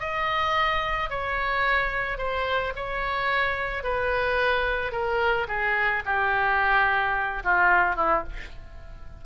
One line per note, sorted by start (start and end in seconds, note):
0.00 1.10 D#5
1.10 2.18 C#5
2.18 2.73 C5
2.76 3.84 C#5
3.84 4.92 B4
4.92 5.47 A#4
5.48 6.03 G#4
6.06 7.43 G4
7.44 7.96 F4
7.96 8.24 E4